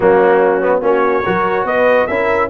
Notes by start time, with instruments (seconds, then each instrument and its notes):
0.00 tuba F#3, trombone A#3, horn C#4, trumpet F#4
0.61 trombone B3
0.81 tuba A#3, trombone C#4, horn F#4, trumpet C#5
1.23 tuba F#3, trombone F#4, horn A#4
1.64 tuba B3, horn B4, trumpet D#5
2.06 tuba C#4, trombone E4, horn A#4, trumpet E5